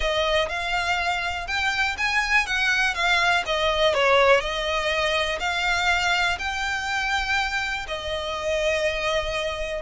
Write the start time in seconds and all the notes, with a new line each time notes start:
0.00 D#5
0.49 F5
1.47 G5
1.97 G#5
2.46 F#5
2.94 F5
3.46 D#5
3.93 C#5
4.40 D#5
5.39 F5
6.38 G5
7.87 D#5